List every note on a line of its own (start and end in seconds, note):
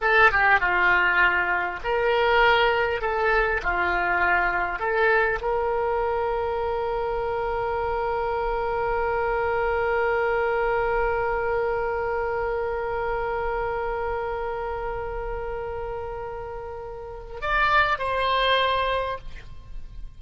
0.01 0.31 A4
0.31 0.60 G4
0.60 1.80 F4
1.83 3.01 A#4
3.01 3.61 A4
3.62 4.79 F4
4.79 5.39 A4
5.41 17.41 A#4
17.41 17.98 D5
17.98 19.18 C5